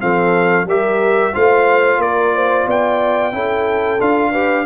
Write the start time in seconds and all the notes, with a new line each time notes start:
0.00 F3 C4 A4 F5
0.66 G3 G4 A#4 E5
1.34 A3 F4 C5 F5
1.98 A#3 A#4 D5
2.35 C5
2.67 B3 D5 G5
3.32 C#4 E4 A4
4.01 D4 F4 F5
4.32 G4 B4